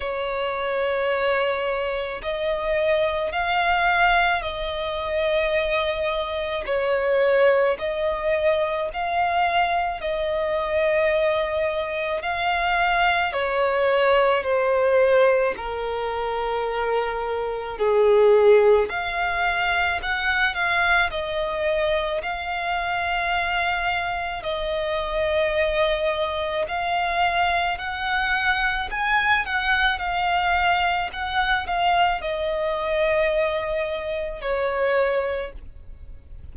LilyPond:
\new Staff \with { instrumentName = "violin" } { \time 4/4 \tempo 4 = 54 cis''2 dis''4 f''4 | dis''2 cis''4 dis''4 | f''4 dis''2 f''4 | cis''4 c''4 ais'2 |
gis'4 f''4 fis''8 f''8 dis''4 | f''2 dis''2 | f''4 fis''4 gis''8 fis''8 f''4 | fis''8 f''8 dis''2 cis''4 | }